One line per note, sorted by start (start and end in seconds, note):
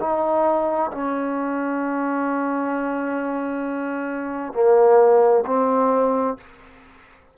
0.00 0.91 D#4
0.91 4.53 C#4
4.53 5.44 A#3
5.46 6.37 C4